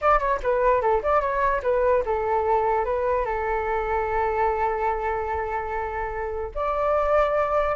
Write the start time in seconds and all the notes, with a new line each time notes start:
0.01 D5
0.19 C#5
0.42 B4
0.81 A4
1.02 D5
1.20 C#5
1.62 B4
2.05 A4
2.85 B4
3.25 A4
6.54 D5